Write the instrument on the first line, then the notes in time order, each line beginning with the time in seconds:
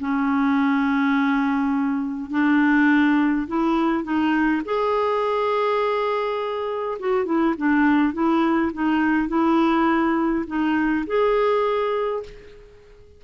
clarinet
0.00 C#4
2.31 D4
3.48 E4
4.04 D#4
4.65 G#4
7.00 F#4
7.26 E4
7.58 D4
8.14 E4
8.73 D#4
9.29 E4
10.47 D#4
11.07 G#4